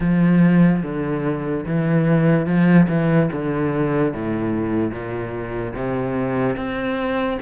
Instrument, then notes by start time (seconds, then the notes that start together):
cello
0.00 F3
0.83 D3
1.66 E3
2.46 F3
2.88 E3
3.32 D3
4.13 A2
4.91 A#2
5.75 C3
6.56 C4